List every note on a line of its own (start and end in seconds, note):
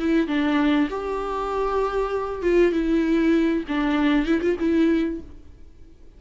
0.00 0.28 E4
0.28 0.89 D4
0.90 2.42 G4
2.42 2.72 F4
2.72 3.64 E4
3.68 4.26 D4
4.26 4.41 E4
4.42 4.57 F4
4.60 5.21 E4